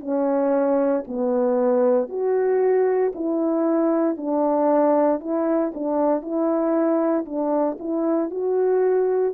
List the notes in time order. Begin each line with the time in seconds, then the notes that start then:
0.00 C#4
1.07 B3
2.09 F#4
3.15 E4
4.17 D4
5.20 E4
5.74 D4
6.21 E4
7.25 D4
7.79 E4
8.30 F#4